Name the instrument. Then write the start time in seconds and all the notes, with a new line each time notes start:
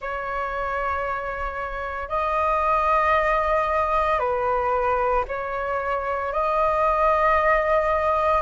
flute
0.00 C#5
2.08 D#5
4.19 B4
5.27 C#5
6.32 D#5